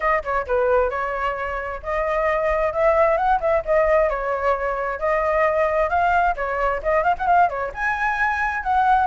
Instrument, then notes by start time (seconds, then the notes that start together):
flute
0.00 D#5
0.23 C#5
0.46 B4
0.90 C#5
1.82 D#5
2.73 E5
3.17 F#5
3.40 E5
3.65 D#5
4.09 C#5
4.99 D#5
5.89 F5
6.36 C#5
6.82 D#5
7.03 F5
7.18 F#5
7.26 F5
7.49 C#5
7.74 G#5
8.63 F#5